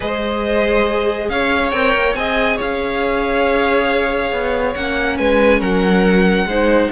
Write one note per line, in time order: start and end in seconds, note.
0.00 1.29 G#3
0.00 1.72 G#4
0.00 1.28 C5
0.00 1.29 D#5
1.29 1.72 C#4
1.29 2.18 C#5
1.29 1.70 F5
1.70 1.94 C4
1.70 2.15 A#4
1.70 2.14 G5
1.94 2.14 A#3
2.14 2.58 C4
2.14 4.75 G#4
2.14 2.56 D#5
2.14 2.57 G#5
2.56 4.32 C#4
2.56 5.15 C#5
2.56 4.74 F5
4.32 4.75 B3
4.74 5.18 A#3
4.74 6.48 C#4
4.74 5.17 F#5
5.18 5.61 G#3
5.18 5.59 B4
5.18 5.61 G#5
5.59 6.45 F#3
5.59 6.46 A#4
5.59 6.91 F#5
6.45 6.88 G#3
6.45 6.91 D#4
6.45 6.91 C5